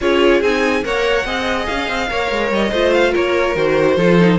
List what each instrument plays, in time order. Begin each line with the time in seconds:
0.01 cello C#4, viola F4, violin G#4 C#5
0.41 cello C4, viola D#4, violin G#5
0.83 cello A#3, viola A#4, violin C#5 F#5
1.25 cello C4, viola G#4, violin D#5
1.66 cello C#4, violin F5
1.88 cello C4
2.09 cello A#3, viola A#4, violin C#5
2.31 cello G#3
2.50 cello G3, violin D#5
2.70 cello A3, viola F4, violin C5
2.92 violin F5
3.11 cello A#3, violin A#4 C#5
3.55 cello D#3, viola F#4, violin C5
3.97 cello F3, viola F4, violin A4
4.20 viola D#4